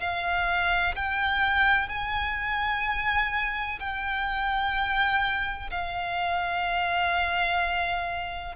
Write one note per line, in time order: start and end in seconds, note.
0.00 0.95 F5
0.96 1.89 G5
1.89 3.79 G#5
3.80 5.71 G5
5.71 8.56 F5